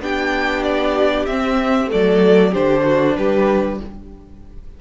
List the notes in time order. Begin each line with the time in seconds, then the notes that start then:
0.00 B3 D4 G4 G5
0.63 D5
1.26 C4 E5
1.87 A3 A4 D5
1.94 F#3
2.51 D3 D4 G4 C5
2.84 F#4
3.17 G3 G4 B4